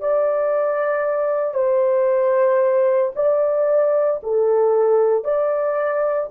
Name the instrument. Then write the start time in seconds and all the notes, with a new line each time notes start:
horn
0.00 D5
1.54 C5
3.15 D5
4.23 A4
5.24 D5